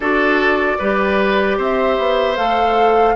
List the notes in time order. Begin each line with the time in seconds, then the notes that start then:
0.00 D4 F#4 A4 D5
0.78 G3 G4 B4
1.57 C4 C5 E5
1.98 B3
2.36 A3 A4 F5